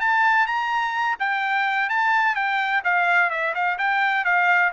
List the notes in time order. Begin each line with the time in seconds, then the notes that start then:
0.00 A5
0.46 A#5
1.20 G5
1.89 A5
2.35 G5
2.84 F5
3.30 E5
3.54 F5
3.78 G5
4.25 F5